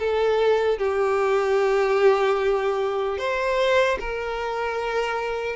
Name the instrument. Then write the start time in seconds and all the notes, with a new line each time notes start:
violin
0.00 A4
0.79 G4
3.19 C5
4.00 A#4